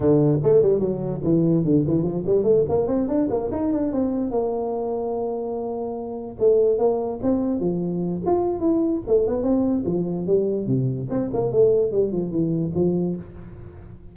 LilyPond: \new Staff \with { instrumentName = "tuba" } { \time 4/4 \tempo 4 = 146 d4 a8 g8 fis4 e4 | d8 e8 f8 g8 a8 ais8 c'8 d'8 | ais8 dis'8 d'8 c'4 ais4.~ | ais2.~ ais8 a8~ |
a8 ais4 c'4 f4. | f'4 e'4 a8 b8 c'4 | f4 g4 c4 c'8 ais8 | a4 g8 f8 e4 f4 | }